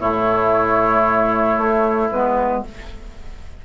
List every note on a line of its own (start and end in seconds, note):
0.00 1.57 A2
0.00 2.09 A3
0.00 2.61 E4
0.00 2.09 C#5
1.58 2.10 A3
2.12 2.64 G#3
2.12 2.65 B3
2.12 2.64 B4